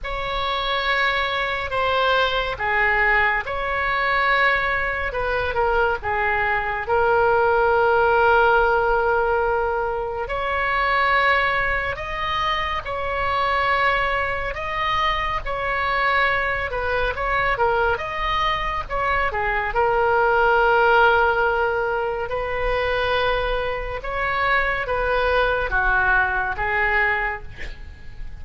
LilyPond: \new Staff \with { instrumentName = "oboe" } { \time 4/4 \tempo 4 = 70 cis''2 c''4 gis'4 | cis''2 b'8 ais'8 gis'4 | ais'1 | cis''2 dis''4 cis''4~ |
cis''4 dis''4 cis''4. b'8 | cis''8 ais'8 dis''4 cis''8 gis'8 ais'4~ | ais'2 b'2 | cis''4 b'4 fis'4 gis'4 | }